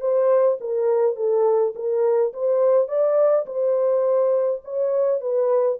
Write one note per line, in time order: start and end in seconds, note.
0.00 0.58 C5
0.60 1.16 A#4
1.16 1.73 A4
1.75 2.33 A#4
2.33 2.88 C5
2.88 3.45 D5
3.46 4.61 C5
4.64 5.20 C#5
5.20 5.78 B4